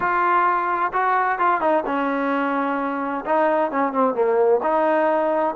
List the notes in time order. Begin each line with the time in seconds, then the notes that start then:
0.00 F4
0.93 F#4
1.38 F4
1.60 D#4
1.86 C#4
3.25 D#4
3.71 C#4
3.92 C4
4.14 A#3
4.63 D#4